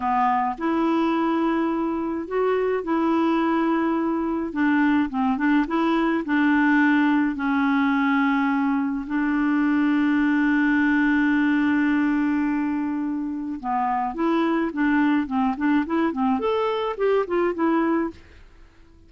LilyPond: \new Staff \with { instrumentName = "clarinet" } { \time 4/4 \tempo 4 = 106 b4 e'2. | fis'4 e'2. | d'4 c'8 d'8 e'4 d'4~ | d'4 cis'2. |
d'1~ | d'1 | b4 e'4 d'4 c'8 d'8 | e'8 c'8 a'4 g'8 f'8 e'4 | }